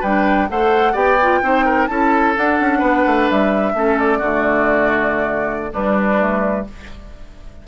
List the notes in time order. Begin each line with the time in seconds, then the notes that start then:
0.00 G3 D4 B4 G5
0.49 A3 A4 C5 F#5
0.92 B3 G4 D5 G5
1.22 F4
1.42 C4 D#4 C5
1.65 A#4
1.86 C#4 E4 A4 A5
2.36 D4 F#5
2.59 C#4
2.78 B3 B4
3.06 A3
3.30 G3 E5
3.73 A3 C#4 A4
3.98 D5
4.18 D3 A3 F#4
5.71 G3 D4 B4
6.18 A3